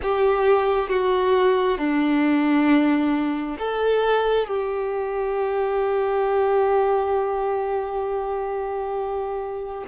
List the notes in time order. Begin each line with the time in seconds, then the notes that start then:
0.02 G4
0.89 F#4
1.77 D4
3.58 A4
4.47 G4